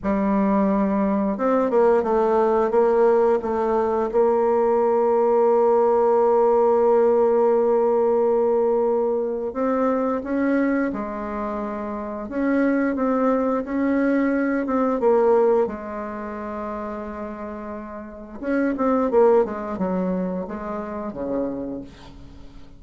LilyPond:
\new Staff \with { instrumentName = "bassoon" } { \time 4/4 \tempo 4 = 88 g2 c'8 ais8 a4 | ais4 a4 ais2~ | ais1~ | ais2 c'4 cis'4 |
gis2 cis'4 c'4 | cis'4. c'8 ais4 gis4~ | gis2. cis'8 c'8 | ais8 gis8 fis4 gis4 cis4 | }